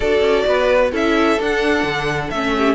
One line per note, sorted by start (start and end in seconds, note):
0.00 0.21 D4
0.00 0.92 F#4
0.00 0.45 A4
0.00 0.89 D5
0.21 0.44 C#4
0.46 0.92 B3
0.46 0.91 B4
0.91 1.38 C#4
0.91 1.38 E4
0.91 2.53 A4
0.91 1.41 E5
1.39 1.83 D4
1.39 2.32 D4
1.39 2.30 F#5
1.83 2.29 D3
2.30 2.75 A3
2.30 2.75 C#4
2.30 2.75 E5
2.57 2.75 G4